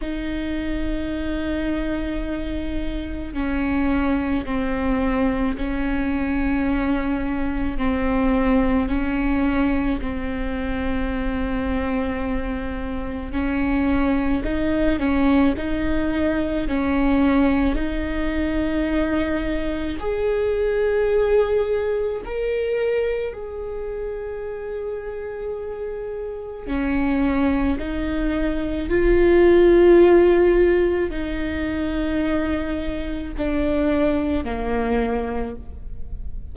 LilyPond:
\new Staff \with { instrumentName = "viola" } { \time 4/4 \tempo 4 = 54 dis'2. cis'4 | c'4 cis'2 c'4 | cis'4 c'2. | cis'4 dis'8 cis'8 dis'4 cis'4 |
dis'2 gis'2 | ais'4 gis'2. | cis'4 dis'4 f'2 | dis'2 d'4 ais4 | }